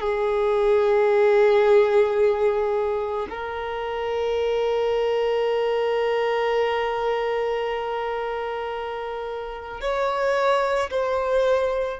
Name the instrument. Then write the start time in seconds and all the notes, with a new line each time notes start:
violin
0.00 G#4
3.30 A#4
9.81 C#5
10.90 C5